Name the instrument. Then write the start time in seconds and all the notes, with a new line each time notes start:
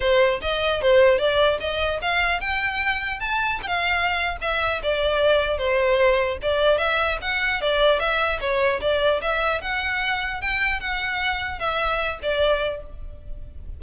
violin
0.00 C5
0.41 D#5
0.81 C5
1.18 D5
1.60 D#5
2.01 F5
2.40 G5
3.20 A5
3.62 F5 G5
4.41 E5
4.83 D5
5.58 C5
6.41 D5
6.78 E5
7.21 F#5
7.61 D5
7.99 E5
8.40 C#5
8.80 D5
9.21 E5
9.61 F#5
10.41 G5
10.79 F#5
11.59 E5
12.22 D5